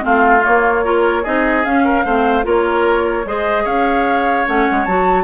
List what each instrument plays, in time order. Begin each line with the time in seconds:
0.00 bassoon A3, clarinet C4, oboe F4, flute F5
0.43 clarinet A#3, bassoon A#3, flute C#5
0.83 clarinet F4, oboe A#4
1.23 bassoon C4, clarinet D#4, oboe G#4, flute D#5
1.64 clarinet C#4, bassoon C#4, flute F5
1.84 oboe A#4
2.05 bassoon A3, clarinet C4, oboe C5
2.43 bassoon A#3, clarinet F4, oboe A#4, flute C#5
3.25 bassoon G#3, clarinet G#4, oboe C5, flute D#5
3.64 bassoon C#4, oboe C#5, flute F5
4.46 bassoon A3, clarinet C#4, flute F#5
4.71 bassoon G#3
4.85 bassoon F#3, clarinet F#4, flute A5